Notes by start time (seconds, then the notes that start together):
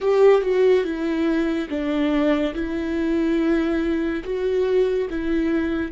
0.00 G4
0.41 F#4
0.83 E4
1.69 D4
2.54 E4
4.23 F#4
5.10 E4